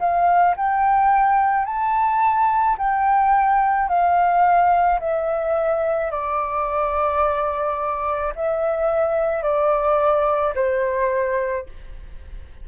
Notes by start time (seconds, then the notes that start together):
0.00 F5
0.57 G5
1.66 A5
2.78 G5
3.89 F5
5.00 E5
6.12 D5
8.36 E5
9.43 D5
10.55 C5